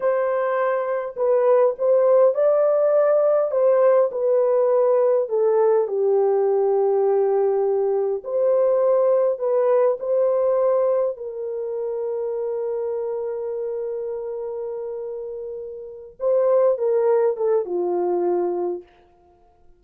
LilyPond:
\new Staff \with { instrumentName = "horn" } { \time 4/4 \tempo 4 = 102 c''2 b'4 c''4 | d''2 c''4 b'4~ | b'4 a'4 g'2~ | g'2 c''2 |
b'4 c''2 ais'4~ | ais'1~ | ais'2.~ ais'8 c''8~ | c''8 ais'4 a'8 f'2 | }